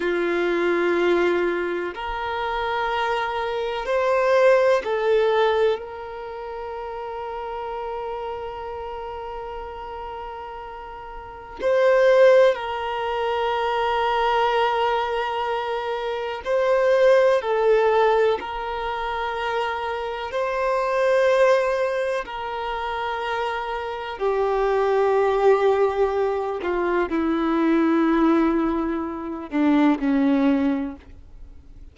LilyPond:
\new Staff \with { instrumentName = "violin" } { \time 4/4 \tempo 4 = 62 f'2 ais'2 | c''4 a'4 ais'2~ | ais'1 | c''4 ais'2.~ |
ais'4 c''4 a'4 ais'4~ | ais'4 c''2 ais'4~ | ais'4 g'2~ g'8 f'8 | e'2~ e'8 d'8 cis'4 | }